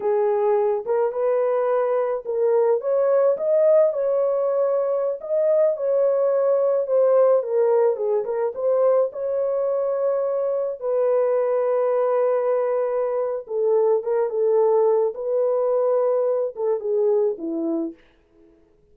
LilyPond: \new Staff \with { instrumentName = "horn" } { \time 4/4 \tempo 4 = 107 gis'4. ais'8 b'2 | ais'4 cis''4 dis''4 cis''4~ | cis''4~ cis''16 dis''4 cis''4.~ cis''16~ | cis''16 c''4 ais'4 gis'8 ais'8 c''8.~ |
c''16 cis''2. b'8.~ | b'1 | a'4 ais'8 a'4. b'4~ | b'4. a'8 gis'4 e'4 | }